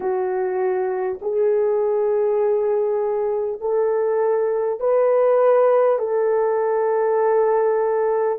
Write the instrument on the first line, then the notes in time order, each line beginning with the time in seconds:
horn
0.00 F#4
1.21 G#4
3.60 A4
4.79 B4
5.98 A4